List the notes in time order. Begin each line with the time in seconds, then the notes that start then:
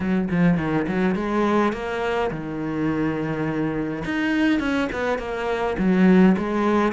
0.00 F#3
0.30 F3
0.57 D#3
0.87 F#3
1.15 G#3
1.73 A#3
2.30 D#3
4.04 D#4
4.59 C#4
4.92 B3
5.18 A#3
5.78 F#3
6.37 G#3